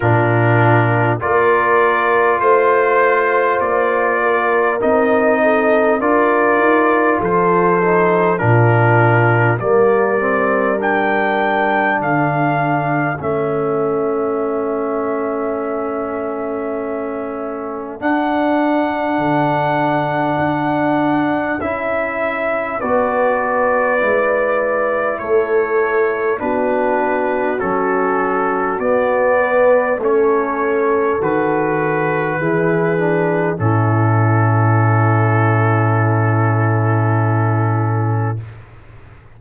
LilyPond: <<
  \new Staff \with { instrumentName = "trumpet" } { \time 4/4 \tempo 4 = 50 ais'4 d''4 c''4 d''4 | dis''4 d''4 c''4 ais'4 | d''4 g''4 f''4 e''4~ | e''2. fis''4~ |
fis''2 e''4 d''4~ | d''4 cis''4 b'4 a'4 | d''4 cis''4 b'2 | a'1 | }
  \new Staff \with { instrumentName = "horn" } { \time 4/4 f'4 ais'4 c''4. ais'8~ | ais'8 a'8 ais'4 a'4 f'4 | ais'2 a'2~ | a'1~ |
a'2. b'4~ | b'4 a'4 fis'2~ | fis'8 b'8 a'2 gis'4 | e'1 | }
  \new Staff \with { instrumentName = "trombone" } { \time 4/4 d'4 f'2. | dis'4 f'4. dis'8 d'4 | ais8 c'8 d'2 cis'4~ | cis'2. d'4~ |
d'2 e'4 fis'4 | e'2 d'4 cis'4 | b4 cis'4 fis'4 e'8 d'8 | cis'1 | }
  \new Staff \with { instrumentName = "tuba" } { \time 4/4 ais,4 ais4 a4 ais4 | c'4 d'8 dis'8 f4 ais,4 | g2 d4 a4~ | a2. d'4 |
d4 d'4 cis'4 b4 | gis4 a4 b4 fis4 | b4 a4 dis4 e4 | a,1 | }
>>